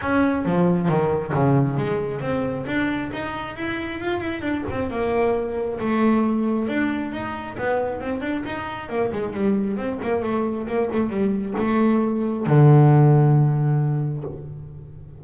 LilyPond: \new Staff \with { instrumentName = "double bass" } { \time 4/4 \tempo 4 = 135 cis'4 f4 dis4 cis4 | gis4 c'4 d'4 dis'4 | e'4 f'8 e'8 d'8 c'8 ais4~ | ais4 a2 d'4 |
dis'4 b4 c'8 d'8 dis'4 | ais8 gis8 g4 c'8 ais8 a4 | ais8 a8 g4 a2 | d1 | }